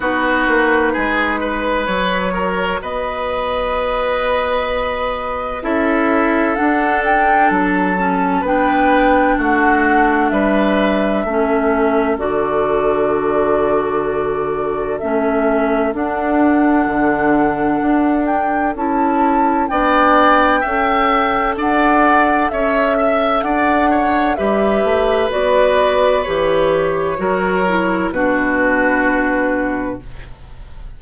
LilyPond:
<<
  \new Staff \with { instrumentName = "flute" } { \time 4/4 \tempo 4 = 64 b'2 cis''4 dis''4~ | dis''2 e''4 fis''8 g''8 | a''4 g''4 fis''4 e''4~ | e''4 d''2. |
e''4 fis''2~ fis''8 g''8 | a''4 g''2 fis''4 | e''4 fis''4 e''4 d''4 | cis''2 b'2 | }
  \new Staff \with { instrumentName = "oboe" } { \time 4/4 fis'4 gis'8 b'4 ais'8 b'4~ | b'2 a'2~ | a'4 b'4 fis'4 b'4 | a'1~ |
a'1~ | a'4 d''4 e''4 d''4 | cis''8 e''8 d''8 cis''8 b'2~ | b'4 ais'4 fis'2 | }
  \new Staff \with { instrumentName = "clarinet" } { \time 4/4 dis'2 fis'2~ | fis'2 e'4 d'4~ | d'8 cis'8 d'2. | cis'4 fis'2. |
cis'4 d'2. | e'4 d'4 a'2~ | a'2 g'4 fis'4 | g'4 fis'8 e'8 d'2 | }
  \new Staff \with { instrumentName = "bassoon" } { \time 4/4 b8 ais8 gis4 fis4 b4~ | b2 cis'4 d'4 | fis4 b4 a4 g4 | a4 d2. |
a4 d'4 d4 d'4 | cis'4 b4 cis'4 d'4 | cis'4 d'4 g8 a8 b4 | e4 fis4 b,2 | }
>>